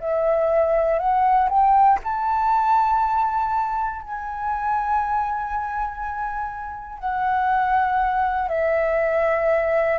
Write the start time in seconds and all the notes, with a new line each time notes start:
0.00 E5
0.99 F#5
1.50 G5
2.04 A5
4.02 G#5
7.00 F#5
8.49 E5